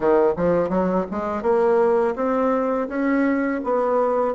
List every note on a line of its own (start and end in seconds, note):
0.00 0.33 D#3
0.36 0.69 F3
0.69 1.05 F#3
1.11 1.42 G#3
1.42 2.15 A#3
2.15 2.88 C4
2.88 3.60 C#4
3.63 4.34 B3